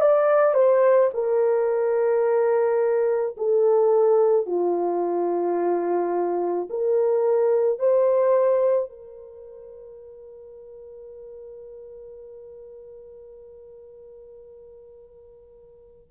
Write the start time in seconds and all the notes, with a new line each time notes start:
0.00 D5
0.54 C5
1.14 A#4
3.36 A4
4.46 F4
6.70 A#4
7.79 C5
8.89 A#4